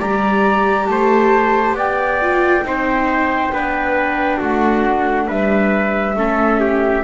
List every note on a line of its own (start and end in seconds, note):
0.00 0.89 G3
0.00 2.21 G4
0.00 0.88 D5
0.00 0.87 A#5
0.87 1.73 A3
0.87 1.76 C5
0.87 1.75 A5
1.73 2.61 B3
1.73 2.65 D5
1.73 4.42 G5
2.22 2.65 F4
2.64 3.52 C4
2.64 3.53 D#4
2.64 3.54 C5
3.53 4.41 B3
3.53 6.17 D4
3.53 4.39 B4
4.39 5.29 A3
4.39 5.27 F#4
4.39 5.30 F#5
5.28 6.17 G3
5.28 6.16 B4
5.28 7.04 E5
6.17 7.04 A3
6.17 7.04 C#4
6.17 6.61 A4
6.61 7.04 G4